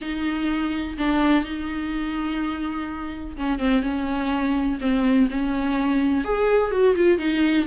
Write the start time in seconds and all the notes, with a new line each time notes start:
0.01 D#4
0.97 D4
1.44 D#4
3.36 C#4
3.59 C4
3.82 C#4
4.80 C4
5.30 C#4
6.24 G#4
6.71 F#4
6.95 F4
7.18 D#4